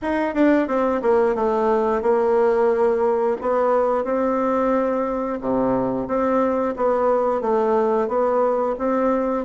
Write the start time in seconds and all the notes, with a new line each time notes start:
0.02 D#4
0.34 D4
0.67 C4
1.01 A#3
1.35 A3
2.02 A#3
3.41 B3
4.04 C4
5.41 C3
6.07 C4
6.76 B3
7.41 A3
8.08 B3
8.78 C4